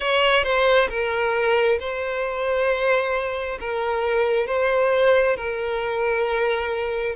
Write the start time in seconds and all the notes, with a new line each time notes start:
0.00 C#5
0.43 C5
0.89 A#4
1.79 C5
3.60 A#4
4.47 C5
5.36 A#4